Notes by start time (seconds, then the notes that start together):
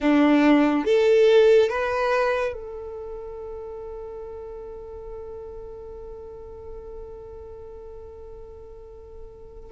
0.00 D4
0.85 A4
1.69 B4
2.53 A4